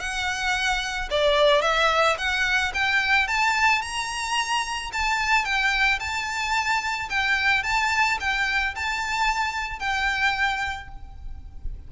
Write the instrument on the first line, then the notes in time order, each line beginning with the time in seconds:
violin
0.00 F#5
1.11 D5
1.62 E5
2.18 F#5
2.74 G5
3.28 A5
3.82 A#5
4.93 A5
5.45 G5
6.00 A5
7.10 G5
7.64 A5
8.20 G5
8.76 A5
9.79 G5